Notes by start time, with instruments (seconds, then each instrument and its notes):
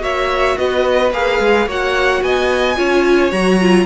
0.00 cello A#3, viola F#4, violin C#5 E5
0.58 cello B3, violin B4 D#5
1.12 cello A#3, viola G#4, violin F5
1.39 cello G#3
1.67 cello A#3, viola F#4, violin C#5 F#5
2.22 cello B3, violin D#5 G#5
2.75 cello C#4, viola F4, violin C#5
3.31 cello F#3, viola F#4, violin A#5
3.61 viola F4